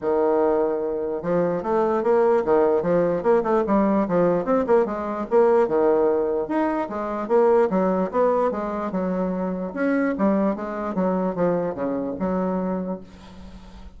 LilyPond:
\new Staff \with { instrumentName = "bassoon" } { \time 4/4 \tempo 4 = 148 dis2. f4 | a4 ais4 dis4 f4 | ais8 a8 g4 f4 c'8 ais8 | gis4 ais4 dis2 |
dis'4 gis4 ais4 fis4 | b4 gis4 fis2 | cis'4 g4 gis4 fis4 | f4 cis4 fis2 | }